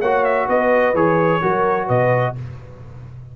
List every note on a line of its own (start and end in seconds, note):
0.00 0.48 A#3
0.00 0.95 F#4
0.00 0.47 C#5
0.00 0.25 F#5
0.25 0.48 E5
0.48 0.94 B3
0.48 1.41 B4
0.48 0.96 D#5
0.94 1.41 E3
0.94 1.42 G#4
0.94 1.89 C#5
1.42 1.89 F#3
1.42 2.36 F#4
1.42 1.87 A#4
1.87 2.36 B2
1.87 2.34 B4
1.87 2.36 D#5